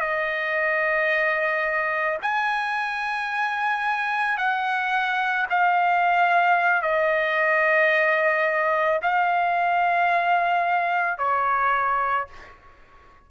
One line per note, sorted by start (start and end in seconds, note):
0.00 2.18 D#5
2.22 4.37 G#5
4.37 5.46 F#5
5.50 6.82 F5
6.82 9.00 D#5
9.02 11.18 F5
11.18 12.27 C#5